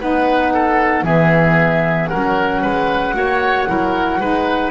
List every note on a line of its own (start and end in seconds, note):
0.00 1.03 B3
0.00 1.05 D#4
0.00 0.53 B4
0.00 1.05 F#5
0.54 1.04 A4
1.03 2.08 E3
1.03 2.10 B3
1.03 2.09 G#4
1.03 2.07 E5
2.07 3.14 C#4
2.07 2.62 A#4
2.07 4.70 F#5
2.14 2.63 F#3
2.62 3.14 G#3
2.62 3.14 B4
3.14 3.67 A#3
3.14 3.67 F#4
3.14 3.69 C#5
3.67 4.20 F#3
3.67 4.20 E4
3.67 4.20 A#4
4.20 4.70 G#3
4.20 4.70 D#4
4.20 4.70 B4